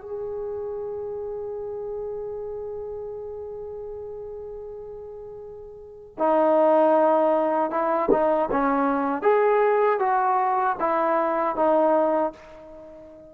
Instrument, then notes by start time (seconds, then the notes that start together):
trombone
0.00 G#4
6.18 D#4
7.70 E4
8.10 D#4
8.51 C#4
9.22 G#4
9.99 F#4
10.79 E4
11.56 D#4